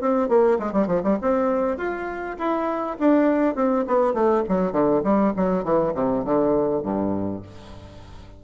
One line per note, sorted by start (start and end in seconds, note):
0.00 0.28 C4
0.28 0.58 A#3
0.59 0.72 G#3
0.72 0.86 G3
0.86 1.01 F3
1.03 1.18 G3
1.21 1.77 C4
1.77 2.37 F4
2.38 2.97 E4
2.99 3.55 D4
3.55 3.85 C4
3.87 4.13 B3
4.13 4.43 A3
4.48 4.72 F#3
4.72 5.02 D3
5.03 5.33 G3
5.36 5.64 F#3
5.64 5.94 E3
5.94 6.24 C3
6.24 6.83 D3
6.83 7.42 G2